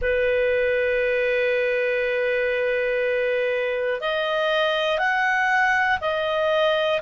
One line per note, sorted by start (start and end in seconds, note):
0.01 4.00 B4
4.00 4.98 D#5
4.98 5.98 F#5
6.00 7.00 D#5